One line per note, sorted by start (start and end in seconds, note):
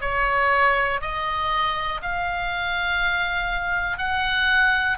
0.00 1.00 C#5
1.00 2.00 D#5
2.01 3.98 F5
3.98 4.98 F#5